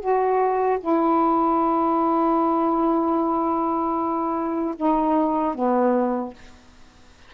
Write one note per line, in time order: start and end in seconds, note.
0.00 0.79 F#4
0.80 4.75 E4
4.77 5.55 D#4
5.55 6.34 B3